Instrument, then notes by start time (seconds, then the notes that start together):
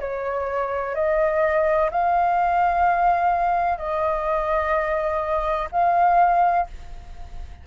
flute
0.00 C#5
0.95 D#5
1.91 F5
3.78 D#5
5.72 F5